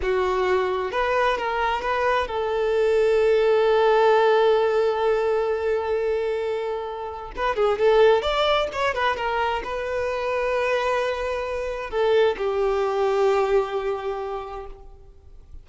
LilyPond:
\new Staff \with { instrumentName = "violin" } { \time 4/4 \tempo 4 = 131 fis'2 b'4 ais'4 | b'4 a'2.~ | a'1~ | a'1 |
b'8 gis'8 a'4 d''4 cis''8 b'8 | ais'4 b'2.~ | b'2 a'4 g'4~ | g'1 | }